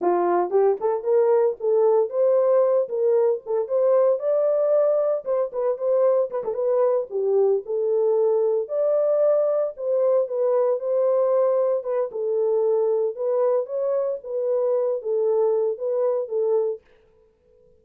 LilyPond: \new Staff \with { instrumentName = "horn" } { \time 4/4 \tempo 4 = 114 f'4 g'8 a'8 ais'4 a'4 | c''4. ais'4 a'8 c''4 | d''2 c''8 b'8 c''4 | b'16 a'16 b'4 g'4 a'4.~ |
a'8 d''2 c''4 b'8~ | b'8 c''2 b'8 a'4~ | a'4 b'4 cis''4 b'4~ | b'8 a'4. b'4 a'4 | }